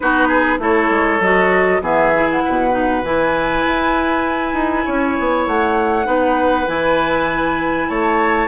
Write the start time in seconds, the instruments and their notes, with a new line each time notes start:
0.00 bassoon B3, clarinet D#4, oboe F#4, flute B4
0.28 oboe G#4
0.58 bassoon A3, clarinet E4, oboe A4, flute C#5
0.90 bassoon G#3
1.20 bassoon F#3, clarinet F#4, flute D#5
1.81 bassoon E3, clarinet B3, oboe G#4, flute E5
2.14 clarinet E4
2.30 flute F#5
2.45 bassoon B2, oboe B4
2.71 clarinet D#4
3.03 bassoon E3, clarinet E4, flute G#5
3.65 bassoon E4
4.53 bassoon D#4
4.85 bassoon C#4, oboe C#5
5.19 bassoon B3
5.47 bassoon A3, flute F#5
6.04 bassoon B3, clarinet D#4, oboe B4
6.67 bassoon E3, clarinet E4, flute G#5
7.89 bassoon A3, oboe C#5, flute A5